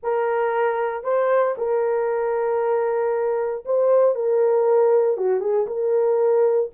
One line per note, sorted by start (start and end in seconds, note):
0.03 1.03 A#4
1.03 1.55 C5
1.57 3.64 A#4
3.65 4.15 C5
4.15 5.17 A#4
5.17 5.40 F#4
5.40 5.66 G#4
5.66 6.70 A#4